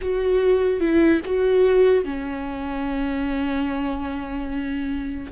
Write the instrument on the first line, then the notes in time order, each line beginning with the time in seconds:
viola
0.01 F#4
0.80 E4
1.25 F#4
2.04 C#4